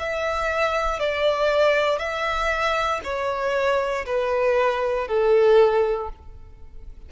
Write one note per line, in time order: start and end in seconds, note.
0.00 1.00 E5
1.00 1.99 D5
1.99 3.00 E5
3.04 4.05 C#5
4.06 5.08 B4
5.08 6.10 A4